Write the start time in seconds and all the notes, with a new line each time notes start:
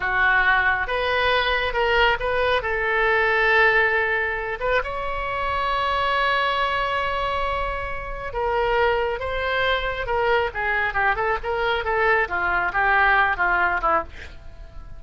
0.00 F#4
0.87 B4
1.73 A#4
2.19 B4
2.62 A4
4.60 B4
4.83 C#5
8.33 A#4
9.19 C5
10.06 A#4
10.54 G#4
10.93 G4
11.15 A4
11.43 A#4
11.84 A4
12.28 F4
12.72 G4
13.37 F4
13.81 E4